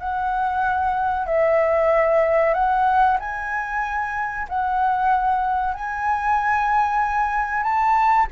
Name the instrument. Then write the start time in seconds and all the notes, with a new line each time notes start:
flute
0.00 F#5
1.27 E5
2.54 F#5
3.20 G#5
4.49 F#5
5.74 G#5
7.64 A5